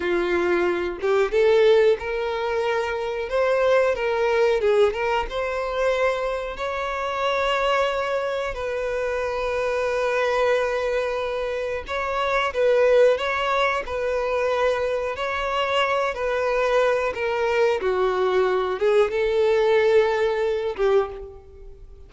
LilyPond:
\new Staff \with { instrumentName = "violin" } { \time 4/4 \tempo 4 = 91 f'4. g'8 a'4 ais'4~ | ais'4 c''4 ais'4 gis'8 ais'8 | c''2 cis''2~ | cis''4 b'2.~ |
b'2 cis''4 b'4 | cis''4 b'2 cis''4~ | cis''8 b'4. ais'4 fis'4~ | fis'8 gis'8 a'2~ a'8 g'8 | }